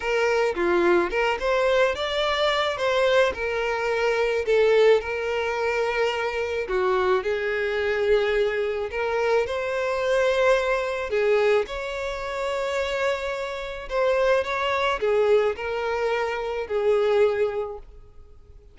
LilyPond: \new Staff \with { instrumentName = "violin" } { \time 4/4 \tempo 4 = 108 ais'4 f'4 ais'8 c''4 d''8~ | d''4 c''4 ais'2 | a'4 ais'2. | fis'4 gis'2. |
ais'4 c''2. | gis'4 cis''2.~ | cis''4 c''4 cis''4 gis'4 | ais'2 gis'2 | }